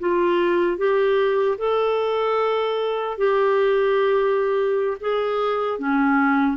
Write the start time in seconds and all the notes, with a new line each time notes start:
0.00 F4
0.78 G4
1.59 A4
3.18 G4
5.01 G#4
5.79 C#4